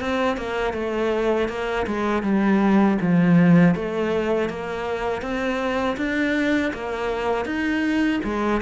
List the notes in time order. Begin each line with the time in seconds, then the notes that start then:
0.00 C4
0.36 A#3
0.73 A3
1.48 A#3
1.86 G#3
2.22 G3
3.00 F3
3.75 A3
4.49 A#3
5.21 C4
5.97 D4
6.73 A#3
7.45 D#4
8.23 G#3